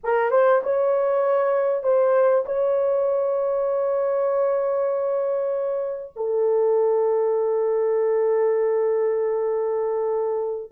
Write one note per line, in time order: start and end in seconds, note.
0.03 0.31 A#4
0.31 0.61 C5
0.63 1.83 C#5
1.83 2.44 C5
2.45 6.13 C#5
6.15 10.71 A4